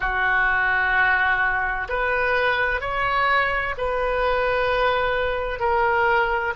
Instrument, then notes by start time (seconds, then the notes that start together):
oboe
0.00 F#4
1.88 B4
2.80 C#5
3.77 B4
5.60 A#4